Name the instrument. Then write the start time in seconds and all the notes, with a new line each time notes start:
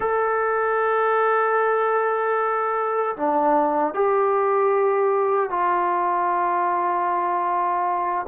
trombone
0.00 A4
3.16 D4
3.94 G4
5.49 F4